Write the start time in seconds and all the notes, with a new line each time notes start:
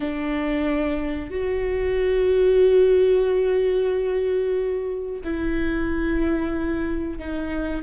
0.00 D4
1.30 F#4
5.24 E4
7.19 D#4